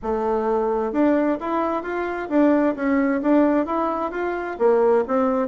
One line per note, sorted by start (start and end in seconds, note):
0.02 0.92 A3
0.92 1.38 D4
1.40 1.82 E4
1.82 2.28 F4
2.29 2.75 D4
2.75 3.21 C#4
3.22 3.65 D4
3.65 4.11 E4
4.11 4.57 F4
4.58 5.04 A#3
5.07 5.48 C4